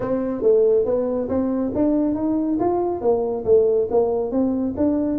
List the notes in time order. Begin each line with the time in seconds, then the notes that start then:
0.00 C4
0.42 A3
0.85 B3
1.28 C4
1.74 D4
2.15 D#4
2.59 F4
3.01 A#3
3.45 A3
3.90 A#3
4.31 C4
4.76 D4